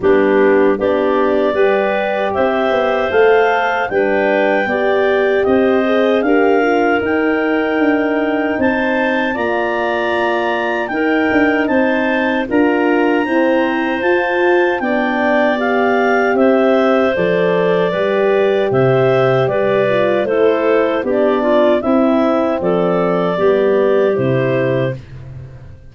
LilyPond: <<
  \new Staff \with { instrumentName = "clarinet" } { \time 4/4 \tempo 4 = 77 g'4 d''2 e''4 | f''4 g''2 dis''4 | f''4 g''2 a''4 | ais''2 g''4 a''4 |
ais''2 a''4 g''4 | f''4 e''4 d''2 | e''4 d''4 c''4 d''4 | e''4 d''2 c''4 | }
  \new Staff \with { instrumentName = "clarinet" } { \time 4/4 d'4 g'4 b'4 c''4~ | c''4 b'4 d''4 c''4 | ais'2. c''4 | d''2 ais'4 c''4 |
ais'4 c''2 d''4~ | d''4 c''2 b'4 | c''4 b'4 a'4 g'8 f'8 | e'4 a'4 g'2 | }
  \new Staff \with { instrumentName = "horn" } { \time 4/4 b4 d'4 g'2 | a'4 d'4 g'4. gis'8 | g'8 f'8 dis'2. | f'2 dis'2 |
f'4 c'4 f'4 d'4 | g'2 a'4 g'4~ | g'4. f'8 e'4 d'4 | c'2 b4 e'4 | }
  \new Staff \with { instrumentName = "tuba" } { \time 4/4 g4 b4 g4 c'8 b8 | a4 g4 b4 c'4 | d'4 dis'4 d'4 c'4 | ais2 dis'8 d'8 c'4 |
d'4 e'4 f'4 b4~ | b4 c'4 f4 g4 | c4 g4 a4 b4 | c'4 f4 g4 c4 | }
>>